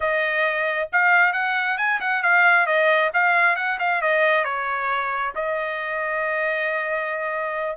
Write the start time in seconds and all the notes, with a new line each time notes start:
0.00 D#5
0.92 F5
1.33 F#5
1.77 G#5
2.00 F#5
2.22 F5
2.66 D#5
3.13 F5
3.56 F#5
3.79 F5
4.01 D#5
4.44 C#5
5.35 D#5